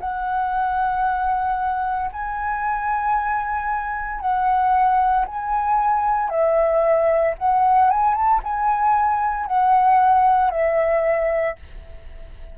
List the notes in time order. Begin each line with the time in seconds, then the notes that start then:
0.00 F#5
2.12 G#5
4.20 F#5
5.26 G#5
6.30 E5
7.38 F#5
7.90 G#5
8.14 A5
8.44 G#5
9.46 F#5
10.51 E5